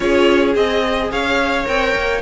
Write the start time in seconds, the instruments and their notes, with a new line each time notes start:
0.00 cello C#4, viola F4, violin G#4 C#5
0.55 cello C4, viola G#4, violin D#5
1.11 cello C#4, violin C#5 F5
1.64 cello C4, viola A#4, violin G5
1.95 cello A#3